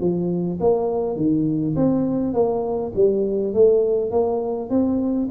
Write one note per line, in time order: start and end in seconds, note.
0.00 0.59 F3
0.60 1.16 A#3
1.16 1.75 D#3
1.76 2.33 C4
2.33 2.92 A#3
2.95 3.53 G3
3.53 4.11 A3
4.11 4.69 A#3
4.69 5.28 C4